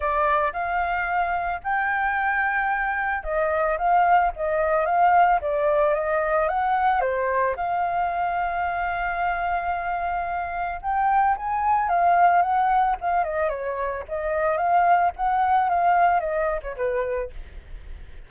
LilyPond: \new Staff \with { instrumentName = "flute" } { \time 4/4 \tempo 4 = 111 d''4 f''2 g''4~ | g''2 dis''4 f''4 | dis''4 f''4 d''4 dis''4 | fis''4 c''4 f''2~ |
f''1 | g''4 gis''4 f''4 fis''4 | f''8 dis''8 cis''4 dis''4 f''4 | fis''4 f''4 dis''8. cis''16 b'4 | }